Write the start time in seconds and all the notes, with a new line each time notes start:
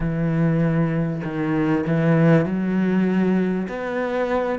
0.00 E3
1.24 D#3
1.86 E3
2.45 F#3
3.68 B3